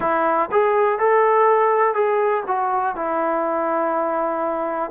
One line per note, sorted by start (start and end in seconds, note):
0.00 0.49 E4
0.51 0.98 G#4
0.98 1.94 A4
1.94 2.43 G#4
2.47 2.95 F#4
2.95 4.90 E4